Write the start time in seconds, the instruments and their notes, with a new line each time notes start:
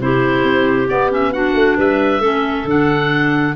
0.00 tuba C3, clarinet E4 G4, oboe C5
0.43 tuba C4
0.88 clarinet B3, tuba B3, oboe D5
1.11 clarinet C#4, oboe E5
1.32 clarinet D4 F#4, oboe F#5
1.53 tuba A3
1.76 tuba G3, clarinet B4, oboe E5
2.20 tuba A3, clarinet C#4 A4
2.64 tuba D3, clarinet D4, oboe F#5